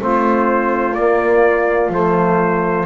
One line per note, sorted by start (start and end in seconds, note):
0.00 0.95 A3
0.00 0.95 C4
0.00 2.87 F4
0.00 0.95 C5
0.95 1.89 A#3
0.95 1.91 A#3
0.95 1.90 D5
1.89 2.84 F3
1.89 2.87 A3
1.89 2.87 C5